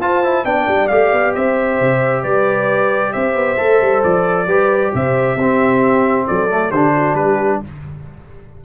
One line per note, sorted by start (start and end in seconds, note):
0.00 0.45 F4
0.00 0.24 F4
0.00 0.45 C5
0.00 0.46 A5
0.24 0.46 E4
0.45 0.68 B3
0.45 0.91 D4
0.45 1.35 D5
0.45 0.88 G5
0.68 0.90 G3
0.88 1.13 A3
0.88 3.58 G4
0.88 1.33 F5
1.13 1.35 B3
1.35 1.80 C4
1.35 2.22 C5
1.35 2.24 E5
1.80 2.25 C3
2.22 3.14 G3
2.22 3.12 B4
2.22 3.13 D5
3.13 3.35 C4
3.13 4.47 C5
3.13 4.03 E5
3.35 3.58 B3
3.58 3.81 A3
3.58 4.47 A4
3.82 4.04 G3
4.04 4.47 F3
4.04 4.93 D5
4.47 4.92 G3
4.47 5.39 G4
4.47 4.92 B4
4.94 5.37 C3
4.94 5.37 C5
4.94 6.28 E5
5.37 6.26 C4
5.37 6.50 C4
5.37 6.26 G4
6.28 6.72 F#3
6.28 6.71 A4
6.28 6.72 D5
6.50 6.73 A3
6.71 7.15 D3
6.71 7.65 D4
6.71 6.93 G4
6.71 7.16 C5
6.96 7.17 F#4
7.15 7.60 G3
7.15 7.62 G4
7.15 7.60 B4